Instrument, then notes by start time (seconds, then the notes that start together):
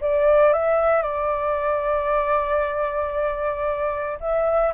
flute
0.00 D5
0.53 E5
1.02 D5
4.20 E5